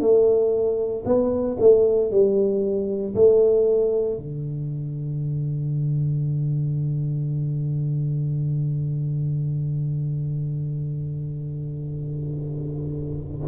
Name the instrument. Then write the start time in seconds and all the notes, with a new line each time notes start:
tuba
0.00 A3
1.05 B3
1.59 A3
2.11 G3
3.15 A3
4.17 D3